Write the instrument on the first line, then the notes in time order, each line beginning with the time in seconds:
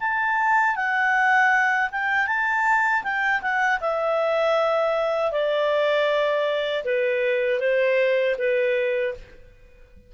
clarinet
0.00 A5
0.76 F#5
1.92 G5
2.27 A5
3.04 G5
3.42 F#5
3.81 E5
5.32 D5
6.85 B4
7.60 C5
8.39 B4